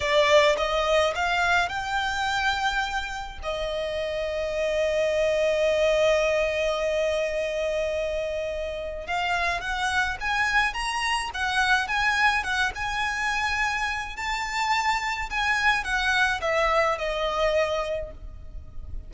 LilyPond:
\new Staff \with { instrumentName = "violin" } { \time 4/4 \tempo 4 = 106 d''4 dis''4 f''4 g''4~ | g''2 dis''2~ | dis''1~ | dis''1 |
f''4 fis''4 gis''4 ais''4 | fis''4 gis''4 fis''8 gis''4.~ | gis''4 a''2 gis''4 | fis''4 e''4 dis''2 | }